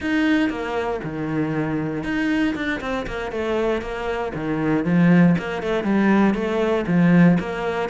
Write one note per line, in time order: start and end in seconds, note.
0.00 0.49 D#4
0.49 1.00 A#3
1.03 2.03 D#3
2.03 2.54 D#4
2.55 2.80 D4
2.81 3.06 C4
3.06 3.31 A#3
3.31 3.81 A3
3.81 4.32 A#3
4.34 4.84 D#3
4.84 5.35 F3
5.38 5.62 A#3
5.62 5.83 A3
5.83 6.34 G3
6.34 6.85 A3
6.87 7.38 F3
7.39 7.89 A#3